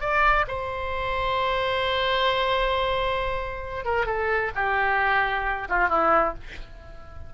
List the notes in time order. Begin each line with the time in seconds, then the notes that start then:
0.00 D5
0.47 C5
3.84 A#4
4.06 A4
4.55 G4
5.68 F4
5.89 E4